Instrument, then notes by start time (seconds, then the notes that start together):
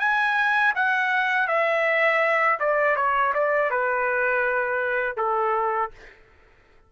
trumpet
0.00 G#5
0.75 F#5
1.48 E5
2.60 D5
2.96 C#5
3.34 D5
3.71 B4
5.17 A4